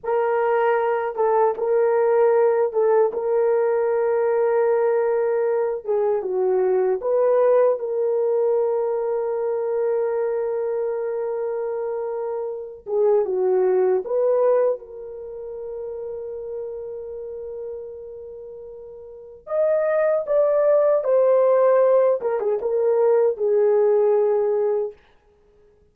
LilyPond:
\new Staff \with { instrumentName = "horn" } { \time 4/4 \tempo 4 = 77 ais'4. a'8 ais'4. a'8 | ais'2.~ ais'8 gis'8 | fis'4 b'4 ais'2~ | ais'1~ |
ais'8 gis'8 fis'4 b'4 ais'4~ | ais'1~ | ais'4 dis''4 d''4 c''4~ | c''8 ais'16 gis'16 ais'4 gis'2 | }